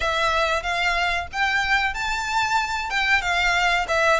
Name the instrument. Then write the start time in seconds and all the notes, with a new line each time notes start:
violin
0.00 E5
0.62 F5
1.32 G5
1.94 A5
2.90 G5
3.21 F5
3.87 E5